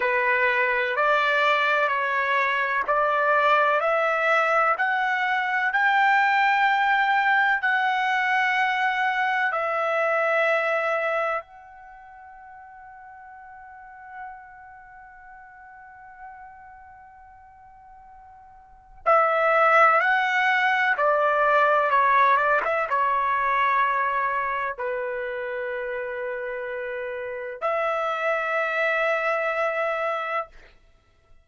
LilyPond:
\new Staff \with { instrumentName = "trumpet" } { \time 4/4 \tempo 4 = 63 b'4 d''4 cis''4 d''4 | e''4 fis''4 g''2 | fis''2 e''2 | fis''1~ |
fis''1 | e''4 fis''4 d''4 cis''8 d''16 e''16 | cis''2 b'2~ | b'4 e''2. | }